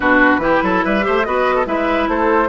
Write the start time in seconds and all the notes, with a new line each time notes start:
0.00 B2 D4 F#4 B4
0.38 E3 E4 G4
0.62 F#3 A4
0.84 G3 B4 E5
1.01 A3 G4 C5
1.24 B3 F#4 B4 D#5
1.55 A4
1.65 G#3 E4 B4 E5
2.08 A3 A4 C5